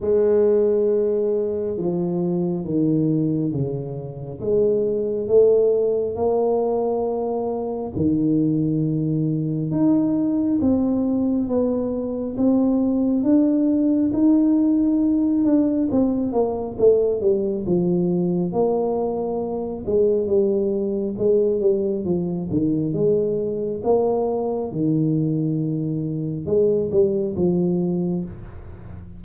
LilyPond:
\new Staff \with { instrumentName = "tuba" } { \time 4/4 \tempo 4 = 68 gis2 f4 dis4 | cis4 gis4 a4 ais4~ | ais4 dis2 dis'4 | c'4 b4 c'4 d'4 |
dis'4. d'8 c'8 ais8 a8 g8 | f4 ais4. gis8 g4 | gis8 g8 f8 dis8 gis4 ais4 | dis2 gis8 g8 f4 | }